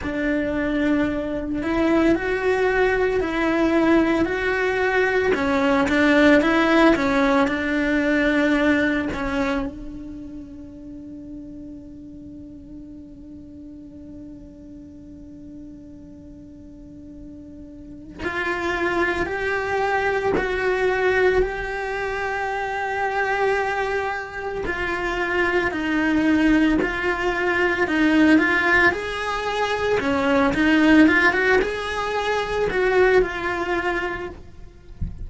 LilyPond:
\new Staff \with { instrumentName = "cello" } { \time 4/4 \tempo 4 = 56 d'4. e'8 fis'4 e'4 | fis'4 cis'8 d'8 e'8 cis'8 d'4~ | d'8 cis'8 d'2.~ | d'1~ |
d'4 f'4 g'4 fis'4 | g'2. f'4 | dis'4 f'4 dis'8 f'8 gis'4 | cis'8 dis'8 f'16 fis'16 gis'4 fis'8 f'4 | }